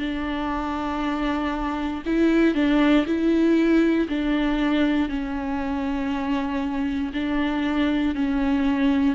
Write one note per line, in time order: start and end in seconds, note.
0.00 2.03 D4
2.06 2.55 E4
2.55 3.06 D4
3.06 4.08 E4
4.09 5.09 D4
5.09 7.13 C#4
7.14 8.15 D4
8.15 9.16 C#4